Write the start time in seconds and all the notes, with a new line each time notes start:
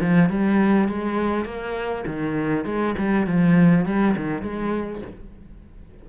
0.00 F3
0.29 G3
0.88 G#3
1.45 A#3
2.07 D#3
2.65 G#3
2.98 G3
3.26 F3
3.85 G3
4.17 D#3
4.42 G#3